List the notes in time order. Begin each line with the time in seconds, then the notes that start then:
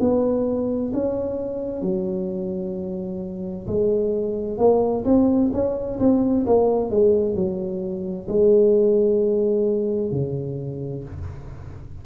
0.00 B3
0.94 C#4
1.82 F#3
3.67 G#3
4.58 A#3
5.05 C4
5.53 C#4
6.00 C4
6.46 A#3
6.90 G#3
7.35 F#3
8.28 G#3
10.11 C#3